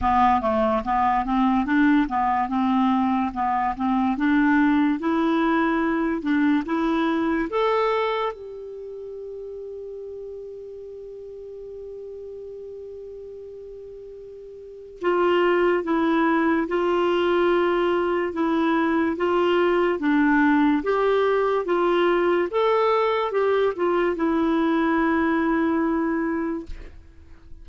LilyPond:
\new Staff \with { instrumentName = "clarinet" } { \time 4/4 \tempo 4 = 72 b8 a8 b8 c'8 d'8 b8 c'4 | b8 c'8 d'4 e'4. d'8 | e'4 a'4 g'2~ | g'1~ |
g'2 f'4 e'4 | f'2 e'4 f'4 | d'4 g'4 f'4 a'4 | g'8 f'8 e'2. | }